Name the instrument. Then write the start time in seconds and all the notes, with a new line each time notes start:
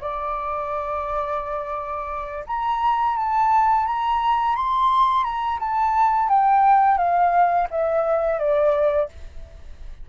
flute
0.00 D5
2.46 A#5
3.16 A5
3.86 A#5
4.56 C6
5.24 A#5
5.59 A5
6.28 G5
6.97 F5
7.70 E5
8.39 D5